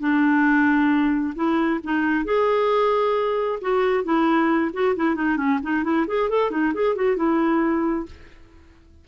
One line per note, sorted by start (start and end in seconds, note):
0.00 1.34 D4
1.35 1.80 E4
1.84 2.25 D#4
2.25 3.59 G#4
3.61 4.04 F#4
4.04 4.71 E4
4.74 4.96 F#4
4.96 5.15 E4
5.15 5.37 D#4
5.37 5.59 C#4
5.63 5.84 D#4
5.84 6.06 E4
6.07 6.30 G#4
6.30 6.51 A4
6.51 6.73 D#4
6.74 6.96 G#4
6.96 7.17 F#4
7.17 8.06 E4